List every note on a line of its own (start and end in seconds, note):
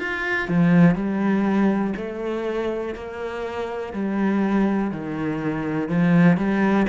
0.00 0.49 F4
0.49 0.96 F3
0.96 1.94 G3
1.97 2.95 A3
2.95 3.93 A#3
3.94 4.92 G3
4.92 5.89 D#3
5.89 6.38 F3
6.38 6.87 G3